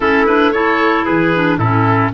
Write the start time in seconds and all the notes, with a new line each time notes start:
0.00 A3 C#4 E4 A4
0.26 D4 B4
0.51 E4 A4 C#5
1.05 E3 G#4 B4
1.34 D4
1.57 A2 C#4 E4 A4